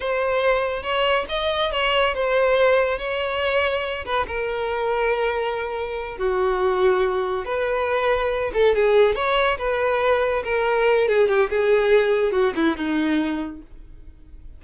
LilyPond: \new Staff \with { instrumentName = "violin" } { \time 4/4 \tempo 4 = 141 c''2 cis''4 dis''4 | cis''4 c''2 cis''4~ | cis''4. b'8 ais'2~ | ais'2~ ais'8 fis'4.~ |
fis'4. b'2~ b'8 | a'8 gis'4 cis''4 b'4.~ | b'8 ais'4. gis'8 g'8 gis'4~ | gis'4 fis'8 e'8 dis'2 | }